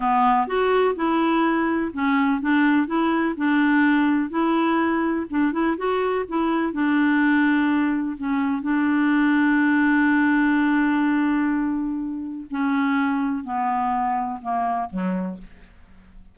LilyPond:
\new Staff \with { instrumentName = "clarinet" } { \time 4/4 \tempo 4 = 125 b4 fis'4 e'2 | cis'4 d'4 e'4 d'4~ | d'4 e'2 d'8 e'8 | fis'4 e'4 d'2~ |
d'4 cis'4 d'2~ | d'1~ | d'2 cis'2 | b2 ais4 fis4 | }